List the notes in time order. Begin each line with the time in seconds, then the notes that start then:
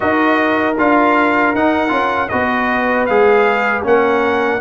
0.00 D#4 F#4 A#4 D#5
0.78 D4 F4 F5
1.54 D#4 F#5
1.88 C#4 F4
2.28 B3 F#4 B4 D#5
3.05 G#3 G#4 F5
3.83 A#3 C#4 A#4 F#5